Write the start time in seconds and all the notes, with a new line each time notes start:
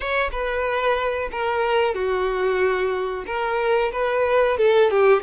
0.00 C#5
0.31 B4
1.31 A#4
1.94 F#4
3.26 A#4
3.92 B4
4.57 A4
4.90 G4